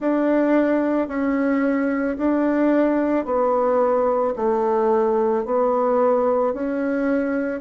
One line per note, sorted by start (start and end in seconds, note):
0.00 1.08 D4
1.08 2.17 C#4
2.17 3.25 D4
3.25 4.34 B3
4.36 5.45 A3
5.45 6.53 B3
6.53 7.61 C#4